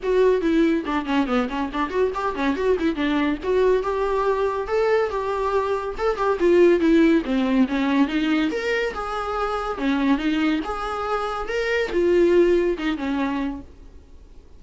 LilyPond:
\new Staff \with { instrumentName = "viola" } { \time 4/4 \tempo 4 = 141 fis'4 e'4 d'8 cis'8 b8 cis'8 | d'8 fis'8 g'8 cis'8 fis'8 e'8 d'4 | fis'4 g'2 a'4 | g'2 a'8 g'8 f'4 |
e'4 c'4 cis'4 dis'4 | ais'4 gis'2 cis'4 | dis'4 gis'2 ais'4 | f'2 dis'8 cis'4. | }